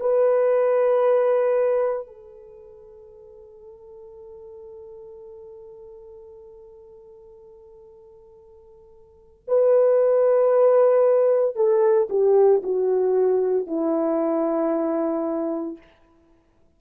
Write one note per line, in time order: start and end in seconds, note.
0.00 2.07 B4
2.07 9.44 A4
9.48 11.56 B4
11.56 12.09 A4
12.10 12.62 G4
12.63 13.67 F#4
13.67 15.78 E4